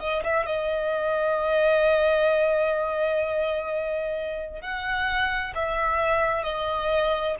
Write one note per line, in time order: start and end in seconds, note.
0.00 0.23 D#5
0.24 0.46 E5
0.46 4.61 D#5
4.61 5.53 F#5
5.55 6.44 E5
6.44 7.36 D#5